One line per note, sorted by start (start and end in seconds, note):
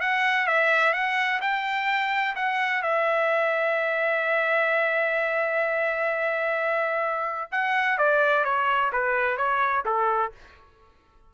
0.00 0.46 F#5
0.46 0.93 E5
0.93 1.40 F#5
1.41 2.35 G5
2.35 2.82 F#5
2.82 7.51 E5
7.51 7.98 F#5
7.98 8.44 D5
8.44 8.91 C#5
8.92 9.37 B4
9.37 9.84 C#5
9.85 10.32 A4